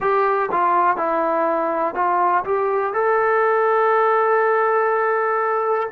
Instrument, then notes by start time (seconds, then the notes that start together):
trombone
0.00 G4
0.51 F4
0.97 E4
1.94 F4
2.44 G4
2.93 A4